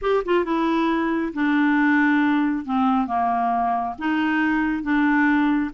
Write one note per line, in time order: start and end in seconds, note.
0.01 0.23 G4
0.25 0.44 F4
0.44 1.33 E4
1.33 2.65 D4
2.65 3.07 C4
3.07 3.95 A#3
3.98 4.82 D#4
4.82 5.71 D4